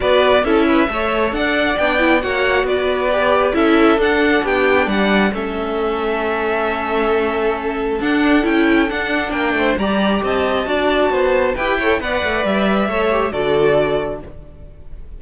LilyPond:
<<
  \new Staff \with { instrumentName = "violin" } { \time 4/4 \tempo 4 = 135 d''4 e''2 fis''4 | g''4 fis''4 d''2 | e''4 fis''4 g''4 fis''4 | e''1~ |
e''2 fis''4 g''4 | fis''4 g''4 ais''4 a''4~ | a''2 g''4 fis''4 | e''2 d''2 | }
  \new Staff \with { instrumentName = "violin" } { \time 4/4 b'4 a'8 b'8 cis''4 d''4~ | d''4 cis''4 b'2 | a'2 g'4 d''4 | a'1~ |
a'1~ | a'4 ais'8 c''8 d''4 dis''4 | d''4 c''4 b'8 cis''8 d''4~ | d''4 cis''4 a'2 | }
  \new Staff \with { instrumentName = "viola" } { \time 4/4 fis'4 e'4 a'2 | d'8 e'8 fis'2 g'4 | e'4 d'2. | cis'1~ |
cis'2 d'4 e'4 | d'2 g'2 | fis'2 g'8 a'8 b'4~ | b'4 a'8 g'8 fis'2 | }
  \new Staff \with { instrumentName = "cello" } { \time 4/4 b4 cis'4 a4 d'4 | b4 ais4 b2 | cis'4 d'4 b4 g4 | a1~ |
a2 d'4 cis'4 | d'4 ais8 a8 g4 c'4 | d'4 b4 e'4 b8 a8 | g4 a4 d2 | }
>>